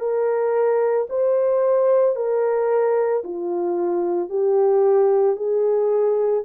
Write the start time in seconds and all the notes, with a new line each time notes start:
0.00 A#4
1.10 C5
2.16 A#4
3.24 F4
4.30 G4
5.36 G#4